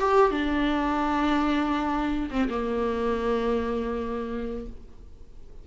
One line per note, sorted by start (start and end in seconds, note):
0.00 0.31 G4
0.31 2.30 D4
2.31 2.49 C4
2.50 4.67 A#3